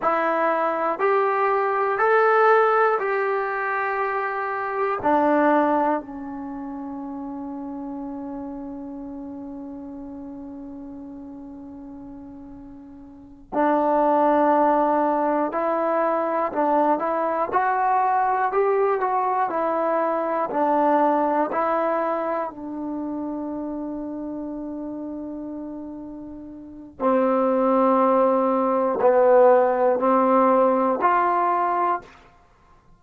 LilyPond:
\new Staff \with { instrumentName = "trombone" } { \time 4/4 \tempo 4 = 60 e'4 g'4 a'4 g'4~ | g'4 d'4 cis'2~ | cis'1~ | cis'4. d'2 e'8~ |
e'8 d'8 e'8 fis'4 g'8 fis'8 e'8~ | e'8 d'4 e'4 d'4.~ | d'2. c'4~ | c'4 b4 c'4 f'4 | }